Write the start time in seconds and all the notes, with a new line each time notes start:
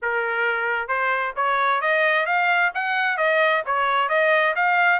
0.02 A#4
0.87 C5
1.36 C#5
1.81 D#5
2.26 F5
2.74 F#5
3.17 D#5
3.65 C#5
4.08 D#5
4.55 F5